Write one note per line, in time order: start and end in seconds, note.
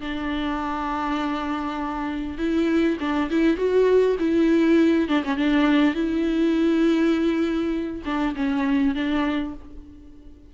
0.00 2.38 D4
2.38 2.97 E4
3.00 3.29 D4
3.30 3.57 E4
3.57 4.16 F#4
4.19 5.08 E4
5.08 5.23 D4
5.24 5.37 C#4
5.37 5.94 D4
5.94 8.02 E4
8.05 8.35 D4
8.35 8.94 C#4
8.94 9.54 D4